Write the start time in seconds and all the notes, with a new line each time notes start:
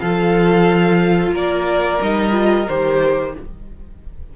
0.00 F3 F4 A4 F5
1.32 A#3 A#4 D5
2.01 G3 D#4 D#5
2.32 F4
2.68 D#3 G4 C5